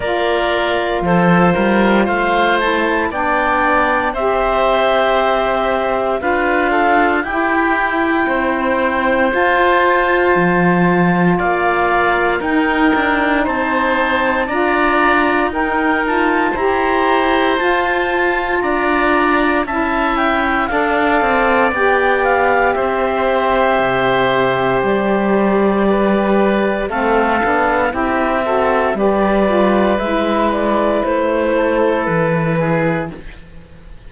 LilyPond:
<<
  \new Staff \with { instrumentName = "clarinet" } { \time 4/4 \tempo 4 = 58 d''4 c''4 f''8 a''8 g''4 | e''2 f''4 g''4~ | g''4 a''2 f''4 | g''4 a''4 ais''4 g''8 a''8 |
ais''4 a''4 ais''4 a''8 g''8 | f''4 g''8 f''8 e''2 | d''2 f''4 e''4 | d''4 e''8 d''8 c''4 b'4 | }
  \new Staff \with { instrumentName = "oboe" } { \time 4/4 ais'4 a'8 ais'8 c''4 d''4 | c''2 b'8 a'8 g'4 | c''2. d''4 | ais'4 c''4 d''4 ais'4 |
c''2 d''4 e''4 | d''2 c''2~ | c''4 b'4 a'4 g'8 a'8 | b'2~ b'8 a'4 gis'8 | }
  \new Staff \with { instrumentName = "saxophone" } { \time 4/4 f'2~ f'8 e'8 d'4 | g'2 f'4 e'4~ | e'4 f'2. | dis'2 f'4 dis'8 f'8 |
g'4 f'2 e'4 | a'4 g'2.~ | g'2 c'8 d'8 e'8 fis'8 | g'8 f'8 e'2. | }
  \new Staff \with { instrumentName = "cello" } { \time 4/4 ais4 f8 g8 a4 b4 | c'2 d'4 e'4 | c'4 f'4 f4 ais4 | dis'8 d'8 c'4 d'4 dis'4 |
e'4 f'4 d'4 cis'4 | d'8 c'8 b4 c'4 c4 | g2 a8 b8 c'4 | g4 gis4 a4 e4 | }
>>